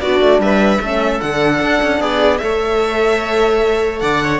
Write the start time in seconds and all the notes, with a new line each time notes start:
0.00 B3 D4 F#4 D5
0.20 A3
0.38 G3 B4 E5
0.80 A3 C#4 A4
1.20 D3 D4 F#5
1.61 D4
1.82 C#4
2.00 B3 G#4 D5
2.37 A3 A4 C#5 E5
3.99 D3 D5 F#5
4.23 C#5